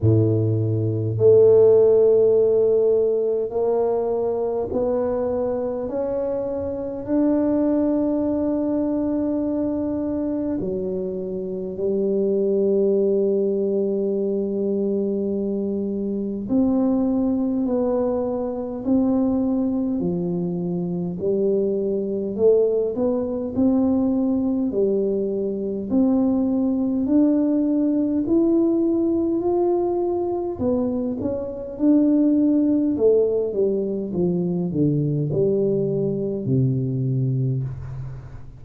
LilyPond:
\new Staff \with { instrumentName = "tuba" } { \time 4/4 \tempo 4 = 51 a,4 a2 ais4 | b4 cis'4 d'2~ | d'4 fis4 g2~ | g2 c'4 b4 |
c'4 f4 g4 a8 b8 | c'4 g4 c'4 d'4 | e'4 f'4 b8 cis'8 d'4 | a8 g8 f8 d8 g4 c4 | }